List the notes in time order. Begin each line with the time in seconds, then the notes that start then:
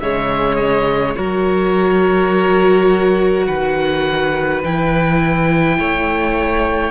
0.00 C#3 G#3 C#5 E5
0.56 D#5
1.16 F#3 F#4 A#4 C#5
3.46 D#3 B4 F#5
4.64 E3 E4 G5
5.79 A3 C#5